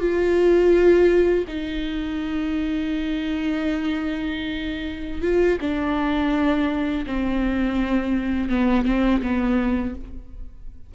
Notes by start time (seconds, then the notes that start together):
0.00 F4
1.48 D#4
5.22 F4
5.61 D4
7.06 C4
8.49 B3
8.85 C4
9.22 B3